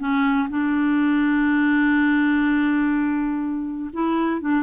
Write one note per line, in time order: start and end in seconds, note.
0.00 0.49 C#4
0.50 3.91 D4
3.94 4.41 E4
4.41 4.63 D4